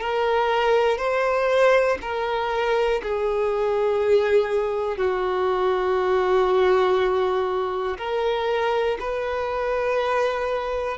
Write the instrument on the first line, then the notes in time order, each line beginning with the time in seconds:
violin
0.00 A#4
0.98 C5
2.01 A#4
3.02 G#4
4.97 F#4
7.97 A#4
9.00 B4